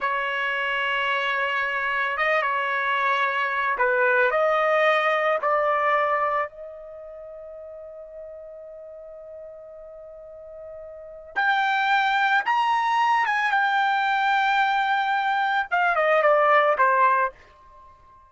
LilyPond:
\new Staff \with { instrumentName = "trumpet" } { \time 4/4 \tempo 4 = 111 cis''1 | dis''8 cis''2~ cis''8 b'4 | dis''2 d''2 | dis''1~ |
dis''1~ | dis''4 g''2 ais''4~ | ais''8 gis''8 g''2.~ | g''4 f''8 dis''8 d''4 c''4 | }